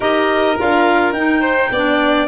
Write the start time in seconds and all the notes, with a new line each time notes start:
0.00 D#4 G4 A#4 D#5
0.58 D4 F4 F5
1.12 D#4 G5
1.40 C5
1.70 B3 D4 D5